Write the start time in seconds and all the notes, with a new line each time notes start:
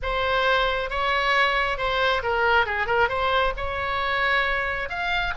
0.02 C5
0.90 C#5
1.77 C5
2.22 A#4
2.66 G#4
2.86 A#4
3.08 C5
3.56 C#5
4.89 F5